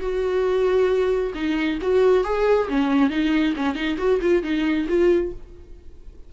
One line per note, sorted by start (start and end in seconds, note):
0.00 1.32 F#4
1.34 1.78 D#4
1.81 2.24 F#4
2.24 2.68 G#4
2.68 3.10 C#4
3.10 3.54 D#4
3.56 3.75 C#4
3.75 3.97 D#4
3.97 4.20 F#4
4.21 4.43 F4
4.43 4.87 D#4
4.88 5.32 F4